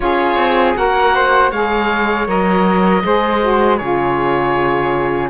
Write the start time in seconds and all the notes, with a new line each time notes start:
0.00 C#4 F4 G#4 C#5
0.36 C4
0.75 A#3 F#4 A#4 F#5
1.14 C5
1.50 G#3 G#4 C#5 F5
2.27 F#3 A#4 D#5
3.03 G#3 G#4 C5
3.40 F#4
3.77 C#3 F4 G#4 C#5